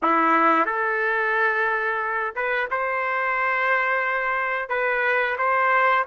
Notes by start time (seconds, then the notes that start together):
0.02 E4
0.65 A4
2.35 B4
2.70 C5
4.69 B4
5.37 C5